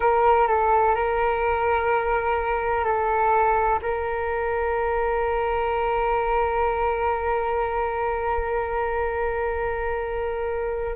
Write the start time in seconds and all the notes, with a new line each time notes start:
0.00 A#4
0.47 A4
0.95 A#4
2.84 A4
3.82 A#4